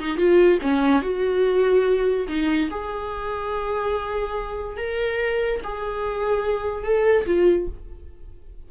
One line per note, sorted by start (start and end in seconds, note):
0.00 0.18 D#4
0.18 0.59 F4
0.62 1.03 C#4
1.03 2.28 F#4
2.29 2.70 D#4
2.71 4.78 G#4
4.78 5.61 A#4
5.64 6.84 G#4
6.84 7.26 A4
7.27 7.68 F4